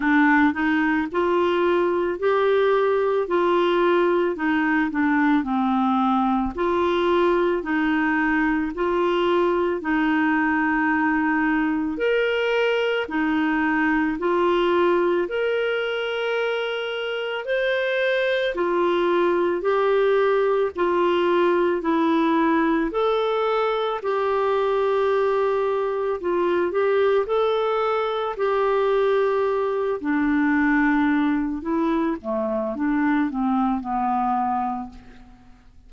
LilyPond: \new Staff \with { instrumentName = "clarinet" } { \time 4/4 \tempo 4 = 55 d'8 dis'8 f'4 g'4 f'4 | dis'8 d'8 c'4 f'4 dis'4 | f'4 dis'2 ais'4 | dis'4 f'4 ais'2 |
c''4 f'4 g'4 f'4 | e'4 a'4 g'2 | f'8 g'8 a'4 g'4. d'8~ | d'4 e'8 a8 d'8 c'8 b4 | }